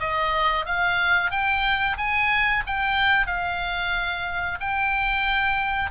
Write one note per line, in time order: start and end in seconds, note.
0.00 0.66 D#5
0.66 1.31 F5
1.31 1.97 G5
1.97 2.63 G#5
2.66 3.27 G5
3.27 4.59 F5
4.60 5.91 G5